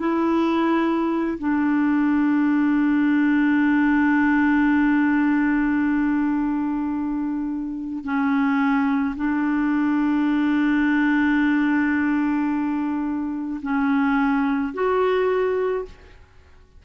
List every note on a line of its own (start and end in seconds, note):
0.00 1.39 E4
1.39 8.05 D4
8.05 9.16 C#4
9.17 13.61 D4
13.63 14.74 C#4
14.74 15.85 F#4